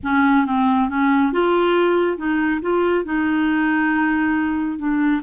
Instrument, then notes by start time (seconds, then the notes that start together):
clarinet
0.03 C#4
0.46 C4
0.89 C#4
1.32 F4
2.17 D#4
2.61 F4
3.05 D#4
4.78 D4